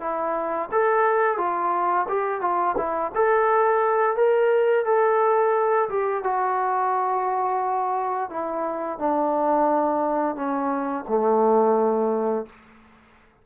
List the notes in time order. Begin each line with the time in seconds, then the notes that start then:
0.00 E4
0.71 A4
1.37 F4
2.08 G4
2.41 F4
2.77 E4
3.14 A4
4.16 A#4
4.85 A4
5.89 G4
6.23 F#4
8.30 E4
8.98 D4
10.35 C#4
11.08 A3